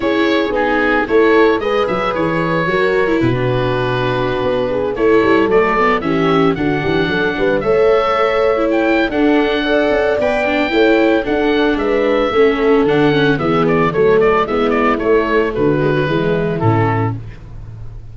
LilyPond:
<<
  \new Staff \with { instrumentName = "oboe" } { \time 4/4 \tempo 4 = 112 cis''4 gis'4 cis''4 dis''8 e''8 | cis''2 b'2~ | b'4~ b'16 cis''4 d''4 e''8.~ | e''16 fis''2 e''4.~ e''16~ |
e''16 g''8. fis''2 g''4~ | g''4 fis''4 e''2 | fis''4 e''8 d''8 cis''8 d''8 e''8 d''8 | cis''4 b'2 a'4 | }
  \new Staff \with { instrumentName = "horn" } { \time 4/4 gis'2 a'4 b'4~ | b'4 ais'4 fis'2~ | fis'8. gis'8 a'2 g'8.~ | g'16 fis'8 g'8 a'8 b'8 cis''4.~ cis''16~ |
cis''4 a'4 d''2 | cis''4 a'4 b'4 a'4~ | a'4 gis'4 a'4 e'4~ | e'4 fis'4 e'2 | }
  \new Staff \with { instrumentName = "viola" } { \time 4/4 e'4 dis'4 e'4 gis'4~ | gis'4 fis'8. e'8 d'4.~ d'16~ | d'4~ d'16 e'4 a8 b8 cis'8.~ | cis'16 d'2 a'4.~ a'16 |
e'4 d'4 a'4 b'8 d'8 | e'4 d'2 cis'4 | d'8 cis'8 b4 a4 b4 | a4. gis16 fis16 gis4 cis'4 | }
  \new Staff \with { instrumentName = "tuba" } { \time 4/4 cis'4 b4 a4 gis8 fis8 | e4 fis4 b,2~ | b,16 b4 a8 g8 fis4 e8.~ | e16 d8 e8 fis8 g8 a4.~ a16~ |
a4 d'4. cis'8 b4 | a4 d'4 gis4 a4 | d4 e4 fis4 gis4 | a4 d4 e4 a,4 | }
>>